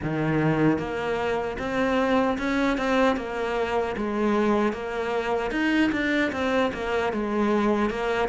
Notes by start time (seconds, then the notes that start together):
0.03 D#3
0.78 A#3
1.58 C4
2.38 C#4
2.77 C4
3.16 A#3
3.97 G#3
4.72 A#3
5.51 D#4
5.92 D4
6.32 C4
6.73 A#3
7.13 G#3
7.89 A#3